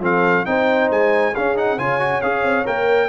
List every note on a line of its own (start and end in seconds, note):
0.00 0.44 F3
0.00 0.46 C4
0.00 0.46 A4
0.00 0.46 F5
0.46 0.90 C4
0.46 1.34 D#4
0.46 1.34 C5
0.46 0.90 G5
0.90 1.34 G#3
0.90 1.35 G#5
1.34 1.56 C#4
1.34 1.78 C#4
1.34 1.77 G#4
1.34 1.57 F5
1.56 1.78 D#4
1.56 1.79 F#5
1.77 2.22 C#3
1.77 2.00 F4
1.77 3.09 C#5
1.77 2.22 G#5
2.00 2.22 F#4
2.22 2.43 C#4
2.22 2.65 G#4
2.22 2.65 F5
2.43 2.65 C4
2.65 3.09 A#3
2.65 3.09 A#4
2.65 3.09 G5